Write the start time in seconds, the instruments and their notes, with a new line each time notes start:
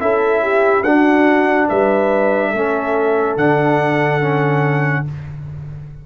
0.00 tuba C#4, trombone E4, horn A4, trumpet E5
0.42 horn G4
0.83 tuba D4, trombone D4, horn F#4, trumpet F#5
1.69 tuba G3, horn B4, trumpet E5
2.51 tuba A3, trombone C#4, horn A4
3.37 tuba D3, trombone D4, trumpet F#5
4.21 trombone C#4